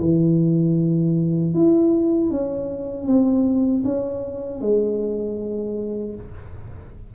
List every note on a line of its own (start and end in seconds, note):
0.00 1.54 E3
1.54 2.30 E4
2.30 3.06 C#4
3.06 3.83 C4
3.85 4.61 C#4
4.61 6.15 G#3